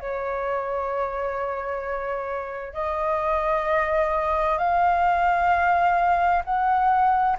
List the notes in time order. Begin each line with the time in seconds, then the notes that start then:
0.00 C#5
2.74 D#5
4.59 F5
6.45 F#5